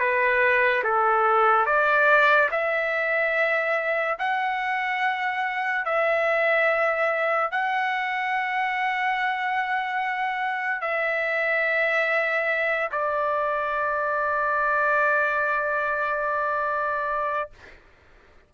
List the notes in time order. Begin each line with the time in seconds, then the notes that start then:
0.00 B4
0.84 A4
1.66 D5
2.52 E5
4.19 F#5
5.86 E5
7.52 F#5
10.81 E5
12.92 D5